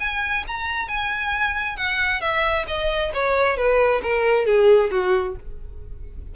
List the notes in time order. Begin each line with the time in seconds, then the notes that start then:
0.00 G#5
0.47 A#5
0.88 G#5
1.77 F#5
2.21 E5
2.67 D#5
3.14 C#5
3.57 B4
4.03 A#4
4.46 G#4
4.91 F#4